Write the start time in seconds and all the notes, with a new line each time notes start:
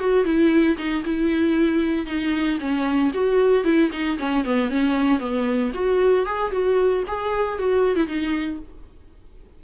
0.00 F#4
0.25 E4
0.77 D#4
1.05 E4
2.07 D#4
2.60 C#4
3.14 F#4
3.65 E4
3.92 D#4
4.19 C#4
4.45 B3
4.70 C#4
5.20 B3
5.74 F#4
6.26 G#4
6.51 F#4
7.07 G#4
7.59 F#4
7.96 E4
8.07 D#4